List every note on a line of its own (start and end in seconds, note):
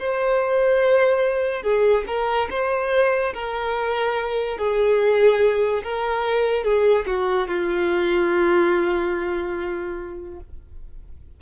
0.00 1.63 C5
1.63 2.05 G#4
2.08 2.49 A#4
2.51 3.34 C5
3.34 4.58 A#4
4.58 5.83 G#4
5.84 6.64 A#4
6.64 7.06 G#4
7.07 7.48 F#4
7.48 10.40 F4